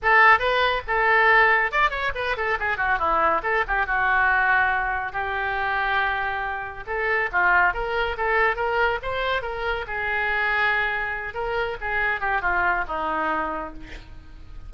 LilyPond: \new Staff \with { instrumentName = "oboe" } { \time 4/4 \tempo 4 = 140 a'4 b'4 a'2 | d''8 cis''8 b'8 a'8 gis'8 fis'8 e'4 | a'8 g'8 fis'2. | g'1 |
a'4 f'4 ais'4 a'4 | ais'4 c''4 ais'4 gis'4~ | gis'2~ gis'8 ais'4 gis'8~ | gis'8 g'8 f'4 dis'2 | }